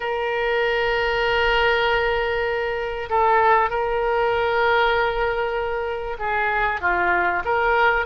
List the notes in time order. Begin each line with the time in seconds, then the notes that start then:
0.00 A#4
3.09 A4
3.69 A#4
6.19 G#4
6.80 F4
7.44 A#4